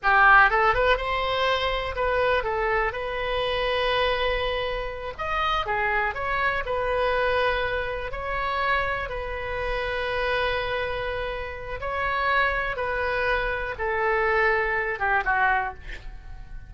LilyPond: \new Staff \with { instrumentName = "oboe" } { \time 4/4 \tempo 4 = 122 g'4 a'8 b'8 c''2 | b'4 a'4 b'2~ | b'2~ b'8 dis''4 gis'8~ | gis'8 cis''4 b'2~ b'8~ |
b'8 cis''2 b'4.~ | b'1 | cis''2 b'2 | a'2~ a'8 g'8 fis'4 | }